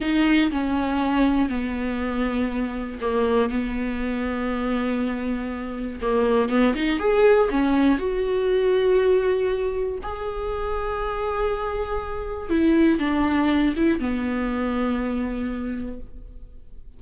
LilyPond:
\new Staff \with { instrumentName = "viola" } { \time 4/4 \tempo 4 = 120 dis'4 cis'2 b4~ | b2 ais4 b4~ | b1 | ais4 b8 dis'8 gis'4 cis'4 |
fis'1 | gis'1~ | gis'4 e'4 d'4. e'8 | b1 | }